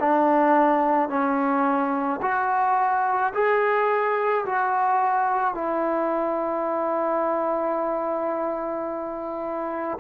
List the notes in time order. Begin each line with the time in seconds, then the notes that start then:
0.00 D4
1.09 C#4
2.22 F#4
3.34 G#4
4.45 F#4
5.55 E4